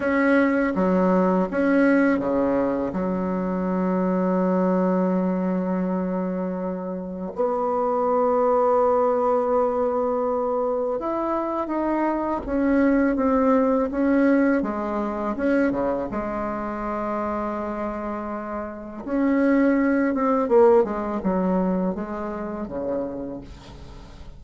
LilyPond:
\new Staff \with { instrumentName = "bassoon" } { \time 4/4 \tempo 4 = 82 cis'4 fis4 cis'4 cis4 | fis1~ | fis2 b2~ | b2. e'4 |
dis'4 cis'4 c'4 cis'4 | gis4 cis'8 cis8 gis2~ | gis2 cis'4. c'8 | ais8 gis8 fis4 gis4 cis4 | }